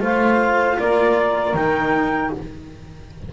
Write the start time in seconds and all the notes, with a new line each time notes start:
0.00 A3 F4 C5 F5
0.79 A#3 A#4 D5
1.54 D#3 D#4 G5